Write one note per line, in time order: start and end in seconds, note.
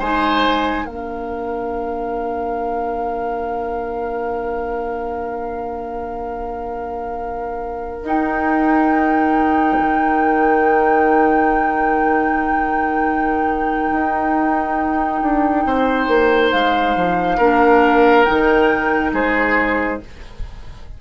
0.00 0.87 G#3
0.00 0.87 D#4
0.00 0.86 C5
0.00 0.87 G#5
0.86 8.03 A#3
0.86 8.05 D4
0.86 15.64 A#4
0.86 8.04 F5
8.03 9.77 D#4
8.03 17.39 D#4
8.03 16.52 G5
9.79 13.92 D#3
13.92 15.22 D#4
15.22 15.65 D4
15.65 16.08 C4
15.65 17.38 C5
16.08 16.51 A#3
16.52 16.96 G#3
16.52 18.24 F5
16.96 17.39 F3
17.38 18.26 A#3
17.38 18.27 D4
17.38 19.12 A#4
18.24 19.13 D#3
18.24 20.01 D#4
18.24 19.11 G5
19.13 20.00 G#3
19.13 20.01 G#4
19.13 20.02 C5